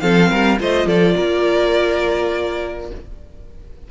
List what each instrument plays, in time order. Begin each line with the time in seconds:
0.00 cello F3, viola C4, violin A4 F5
0.30 cello G3, violin A#4
0.59 cello A3, viola F4, violin C5 D#5
0.86 cello F3, violin A4 D5
1.15 cello A#3, violin A#4